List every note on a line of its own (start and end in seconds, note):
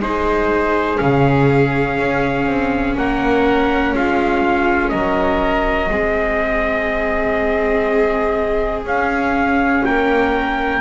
0.00 0.98 G#3
0.00 0.97 D#4
0.00 2.98 G#4
0.00 0.98 C5
0.97 1.99 C#3
0.97 5.89 C#4
0.97 2.95 F5
1.99 2.46 C#4
2.46 2.95 C4
2.97 3.93 A#3
2.97 3.95 A#4
2.97 3.95 F#5
3.93 4.92 G#3
3.93 4.91 F4
3.93 4.89 F5
4.89 5.90 F#3
4.89 5.90 A#4
4.89 8.82 D#5
5.90 8.84 G#3
5.90 8.85 C4
5.90 9.85 G#4
8.84 9.83 C#4
8.84 10.81 C#4
8.84 9.85 F5
9.85 10.81 A#3
9.85 10.81 A#4
9.85 10.81 G5